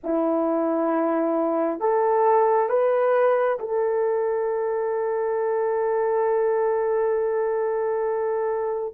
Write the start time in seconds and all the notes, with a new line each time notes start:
0.03 E4
1.80 A4
2.69 B4
3.59 A4